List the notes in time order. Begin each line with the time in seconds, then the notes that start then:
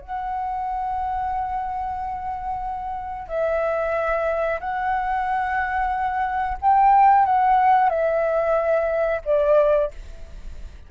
0.00 F#5
3.28 E5
4.60 F#5
6.61 G5
7.25 F#5
7.89 E5
9.25 D5